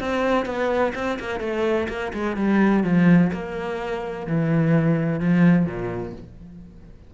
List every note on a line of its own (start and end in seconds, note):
0.00 0.46 C4
0.46 0.93 B3
0.95 1.19 C4
1.20 1.40 A#3
1.40 1.88 A3
1.89 2.13 A#3
2.13 2.36 G#3
2.36 2.84 G3
2.84 3.31 F3
3.33 4.27 A#3
4.27 5.20 E3
5.20 5.66 F3
5.66 6.13 A#2